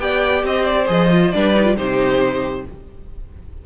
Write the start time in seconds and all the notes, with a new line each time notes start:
0.00 B3 G4 D5 G5
0.44 C4 C5 D#5
0.66 D5
0.87 F3 G#4 D#5
1.11 F4
1.32 G3 D4 B4 D5
1.55 D#4
1.65 F4
1.77 C3 D#4 G4 C5